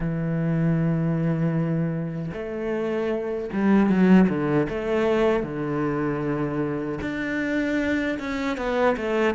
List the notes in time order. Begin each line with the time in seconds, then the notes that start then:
0.00 E3
2.33 A3
3.52 G3
3.89 F#3
4.29 D3
4.69 A3
5.43 D3
7.01 D4
8.19 C#4
8.57 B3
8.96 A3